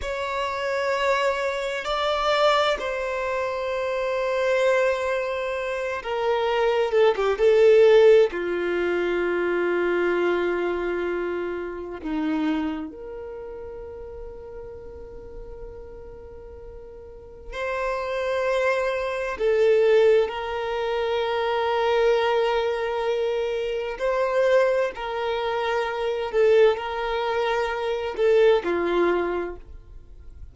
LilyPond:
\new Staff \with { instrumentName = "violin" } { \time 4/4 \tempo 4 = 65 cis''2 d''4 c''4~ | c''2~ c''8 ais'4 a'16 g'16 | a'4 f'2.~ | f'4 dis'4 ais'2~ |
ais'2. c''4~ | c''4 a'4 ais'2~ | ais'2 c''4 ais'4~ | ais'8 a'8 ais'4. a'8 f'4 | }